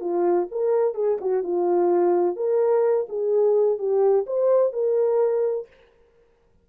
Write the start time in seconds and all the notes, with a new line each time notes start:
0.00 F4
0.51 A#4
0.94 G#4
1.21 F#4
1.43 F4
2.36 A#4
3.09 G#4
3.78 G4
4.26 C5
4.72 A#4